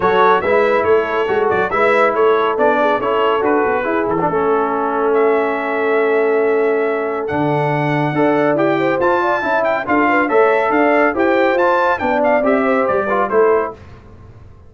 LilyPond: <<
  \new Staff \with { instrumentName = "trumpet" } { \time 4/4 \tempo 4 = 140 cis''4 e''4 cis''4. d''8 | e''4 cis''4 d''4 cis''4 | b'4. a'2~ a'8 | e''1~ |
e''4 fis''2. | g''4 a''4. g''8 f''4 | e''4 f''4 g''4 a''4 | g''8 f''8 e''4 d''4 c''4 | }
  \new Staff \with { instrumentName = "horn" } { \time 4/4 a'4 b'4 a'2 | b'4 a'4. gis'8 a'4~ | a'4 gis'4 a'2~ | a'1~ |
a'2. d''4~ | d''8 c''4 d''8 e''4 a'8 b'8 | cis''4 d''4 c''2 | d''4. c''4 b'8 a'4 | }
  \new Staff \with { instrumentName = "trombone" } { \time 4/4 fis'4 e'2 fis'4 | e'2 d'4 e'4 | fis'4 e'8. d'16 cis'2~ | cis'1~ |
cis'4 d'2 a'4 | g'4 f'4 e'4 f'4 | a'2 g'4 f'4 | d'4 g'4. f'8 e'4 | }
  \new Staff \with { instrumentName = "tuba" } { \time 4/4 fis4 gis4 a4 gis8 fis8 | gis4 a4 b4 cis'4 | d'8 b8 e'8 e8 a2~ | a1~ |
a4 d2 d'4 | e'4 f'4 cis'4 d'4 | a4 d'4 e'4 f'4 | b4 c'4 g4 a4 | }
>>